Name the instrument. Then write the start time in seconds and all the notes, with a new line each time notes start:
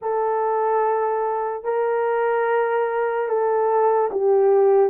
horn
0.01 A4
1.64 A#4
3.28 A4
4.11 G4